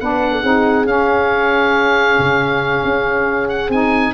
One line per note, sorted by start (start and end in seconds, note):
0.00 0.44 B3
0.00 0.44 D4
0.00 0.32 B4
0.00 0.87 F#5
0.32 0.42 A4
0.42 0.85 C4
0.42 0.85 D#4
0.42 4.14 G#4
0.85 3.70 C#4
0.85 2.17 C#4
0.85 3.49 F5
2.19 2.84 C#3
2.84 3.69 C#4
3.49 3.71 F#5
3.69 4.13 C4
3.69 4.14 D#4
3.69 4.14 G#5